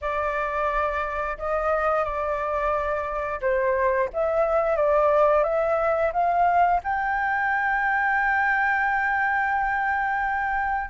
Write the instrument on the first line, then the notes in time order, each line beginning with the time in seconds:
flute
0.01 D5
1.38 D#5
2.04 D5
3.41 C5
4.13 E5
4.76 D5
5.43 E5
6.12 F5
6.83 G5